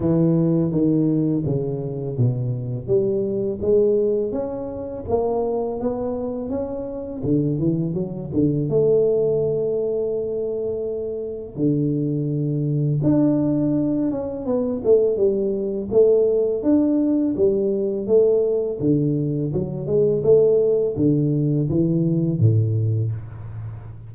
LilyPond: \new Staff \with { instrumentName = "tuba" } { \time 4/4 \tempo 4 = 83 e4 dis4 cis4 b,4 | g4 gis4 cis'4 ais4 | b4 cis'4 d8 e8 fis8 d8 | a1 |
d2 d'4. cis'8 | b8 a8 g4 a4 d'4 | g4 a4 d4 fis8 gis8 | a4 d4 e4 a,4 | }